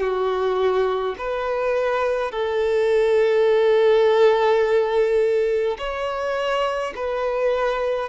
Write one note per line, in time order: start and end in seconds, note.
0.00 1.15 F#4
1.18 2.31 B4
2.31 5.77 A4
5.78 6.93 C#5
6.95 8.09 B4